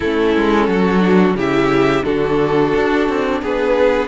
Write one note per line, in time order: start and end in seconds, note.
0.00 0.36 A3
0.00 1.00 C#4
0.00 0.68 E4
0.00 1.36 A4
0.36 0.68 G#3
0.68 1.34 F#3
0.68 1.36 F#4
1.00 1.34 D4
1.34 2.02 C#3
1.34 2.05 E4
1.34 2.04 G4
1.34 2.04 E5
2.04 2.73 D3
2.04 4.08 D4
2.04 3.41 F#4
2.04 3.40 A4
2.75 3.08 D4
3.08 3.42 C4
3.42 4.08 B3
3.42 4.08 G#4
3.42 4.08 B4